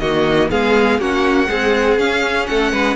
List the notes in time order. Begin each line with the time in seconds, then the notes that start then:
0.00 D#3 A#3 F#4 D#5
0.50 G#3 B3 G#4 F5
0.99 A#3 C#4 F#4 F#5
1.47 G#3 C4 G#4
1.99 C#4 F5
2.47 A3 A4 F#5
2.73 G#3 B4